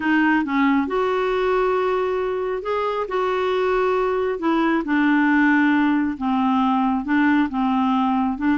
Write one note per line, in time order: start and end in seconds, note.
0.00 0.44 D#4
0.44 0.87 C#4
0.87 2.62 F#4
2.62 3.06 G#4
3.08 4.39 F#4
4.39 4.83 E4
4.84 6.17 D4
6.17 7.04 C4
7.04 7.48 D4
7.49 8.37 C4
8.37 8.58 D4